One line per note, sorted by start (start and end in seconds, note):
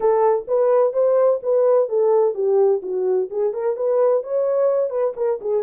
0.00 0.46 A4
0.47 0.93 B4
0.93 1.40 C5
1.42 1.89 B4
1.89 2.34 A4
2.34 2.81 G4
2.82 3.29 F#4
3.30 3.53 G#4
3.53 3.76 A#4
3.76 4.23 B4
4.23 4.90 C#5
4.90 5.13 B4
5.16 5.39 A#4
5.41 5.63 G#4